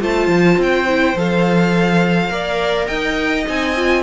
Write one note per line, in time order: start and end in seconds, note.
0.00 0.28 A3
0.00 0.87 F4
0.00 2.32 C5
0.00 0.61 A5
0.28 0.56 F3
0.57 1.15 C4
0.57 1.18 G5
0.87 1.16 E4
1.16 2.30 F3
1.16 2.29 A4
1.16 2.87 F5
2.29 2.87 A#3
2.29 3.45 A#4
2.29 2.87 D5
2.87 3.46 D#4
2.87 4.03 D#5
2.87 3.44 G5
3.47 4.03 C4
3.47 3.76 D#4
3.47 4.03 G#5
3.76 4.03 F4